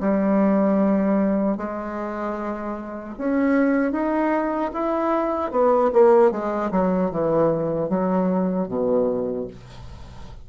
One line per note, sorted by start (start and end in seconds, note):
0.00 1.57 G3
1.57 3.15 G#3
3.18 3.92 C#4
3.92 4.71 D#4
4.73 5.51 E4
5.51 5.91 B3
5.92 6.31 A#3
6.31 6.70 G#3
6.71 7.11 F#3
7.11 7.89 E3
7.89 8.68 F#3
8.68 9.47 B2